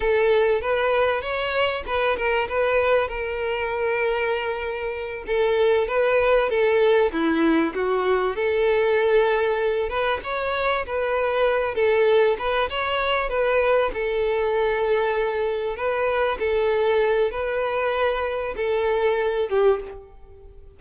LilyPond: \new Staff \with { instrumentName = "violin" } { \time 4/4 \tempo 4 = 97 a'4 b'4 cis''4 b'8 ais'8 | b'4 ais'2.~ | ais'8 a'4 b'4 a'4 e'8~ | e'8 fis'4 a'2~ a'8 |
b'8 cis''4 b'4. a'4 | b'8 cis''4 b'4 a'4.~ | a'4. b'4 a'4. | b'2 a'4. g'8 | }